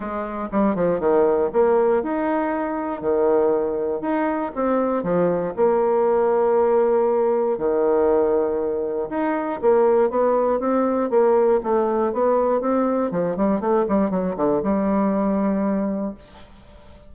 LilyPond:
\new Staff \with { instrumentName = "bassoon" } { \time 4/4 \tempo 4 = 119 gis4 g8 f8 dis4 ais4 | dis'2 dis2 | dis'4 c'4 f4 ais4~ | ais2. dis4~ |
dis2 dis'4 ais4 | b4 c'4 ais4 a4 | b4 c'4 f8 g8 a8 g8 | fis8 d8 g2. | }